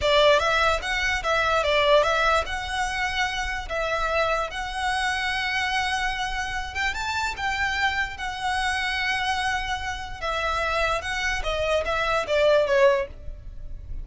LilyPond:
\new Staff \with { instrumentName = "violin" } { \time 4/4 \tempo 4 = 147 d''4 e''4 fis''4 e''4 | d''4 e''4 fis''2~ | fis''4 e''2 fis''4~ | fis''1~ |
fis''8 g''8 a''4 g''2 | fis''1~ | fis''4 e''2 fis''4 | dis''4 e''4 d''4 cis''4 | }